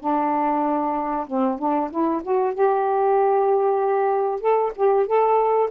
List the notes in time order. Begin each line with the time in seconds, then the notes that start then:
0.00 D4
1.27 C4
1.58 D4
1.90 E4
2.23 F#4
2.54 G4
4.40 A4
4.76 G4
5.06 A4